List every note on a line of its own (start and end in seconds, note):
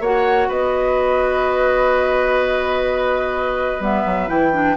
0.00 0.48 A#3
0.00 3.81 F#4
0.00 0.49 C#5
0.00 0.51 F#5
0.49 3.80 B3
0.49 4.77 B4
0.49 3.84 D#5
3.80 4.04 G3
3.80 4.28 B3
3.80 4.29 E5
4.06 4.29 F#3
4.28 4.76 E3
4.28 4.52 E4
4.28 4.77 G5
4.53 4.77 D4